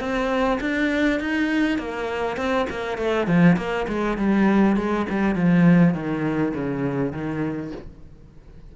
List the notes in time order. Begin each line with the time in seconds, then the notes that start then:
0.00 C4
0.61 D4
1.20 D#4
1.78 A#3
2.37 C4
2.70 A#3
2.98 A3
3.27 F3
3.57 A#3
3.88 G#3
4.18 G3
4.77 G#3
5.10 G3
5.36 F3
5.94 D#3
6.54 C#3
7.13 D#3